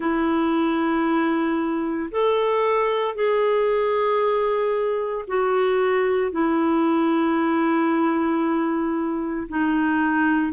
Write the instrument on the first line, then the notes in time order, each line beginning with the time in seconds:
clarinet
0.00 E4
2.11 A4
3.14 G#4
5.27 F#4
6.32 E4
9.48 D#4